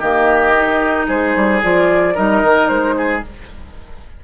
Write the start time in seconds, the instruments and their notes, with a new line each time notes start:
0.00 bassoon D#3, clarinet A#3, oboe G4, flute D#5
0.55 clarinet D#4
1.08 bassoon G#3, oboe G#4, flute C5
1.36 bassoon G3
1.63 bassoon F3, clarinet F4, flute D5
2.15 bassoon G3, clarinet D#4, oboe A#4, flute D#5
2.43 bassoon D#3
2.68 bassoon G#3, flute C5
2.98 oboe G#4